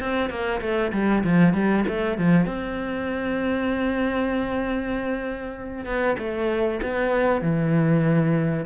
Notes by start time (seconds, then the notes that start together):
0.00 C4
0.30 A#3
0.61 A3
0.93 G3
1.24 F3
1.54 G3
1.88 A3
2.18 F3
2.46 C4
5.85 B3
6.19 A3
6.82 B3
7.42 E3